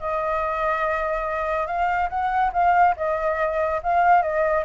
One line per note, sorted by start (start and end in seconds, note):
0.00 1.67 D#5
1.67 2.09 F5
2.09 2.52 F#5
2.53 2.95 F5
2.97 3.81 D#5
3.83 4.22 F5
4.22 4.65 D#5